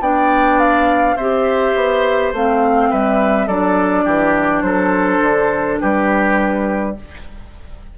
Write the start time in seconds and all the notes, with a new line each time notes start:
0.00 B3 D4 D5 G5
0.59 F5
1.16 C4 G4 C5 E5
1.75 B3
2.33 A3 C4 F5
2.90 G3 B4 E5
3.47 F#3 D4 A4 D5
4.05 E3 G4
4.62 F#3 A4 C5
5.21 D3
5.81 G3 G4 B4